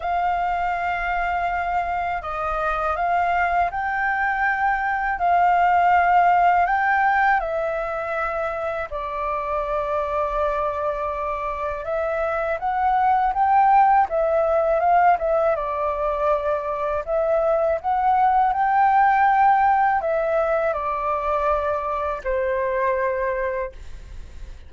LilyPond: \new Staff \with { instrumentName = "flute" } { \time 4/4 \tempo 4 = 81 f''2. dis''4 | f''4 g''2 f''4~ | f''4 g''4 e''2 | d''1 |
e''4 fis''4 g''4 e''4 | f''8 e''8 d''2 e''4 | fis''4 g''2 e''4 | d''2 c''2 | }